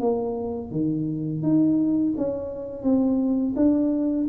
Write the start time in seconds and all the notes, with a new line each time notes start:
0.00 A#3
0.71 D#3
1.43 D#4
2.17 C#4
2.83 C4
3.56 D4